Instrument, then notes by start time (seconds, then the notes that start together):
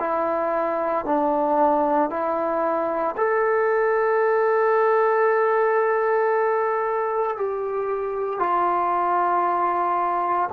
trombone
0.00 E4
1.05 D4
2.11 E4
3.17 A4
7.37 G4
8.39 F4